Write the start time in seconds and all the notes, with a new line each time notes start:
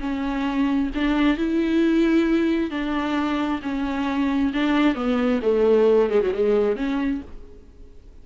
0.00 C#4
0.95 D4
1.37 E4
2.70 D4
3.62 C#4
4.53 D4
4.95 B3
5.42 A3
6.10 G#3
6.21 F#3
6.34 G#3
6.76 C#4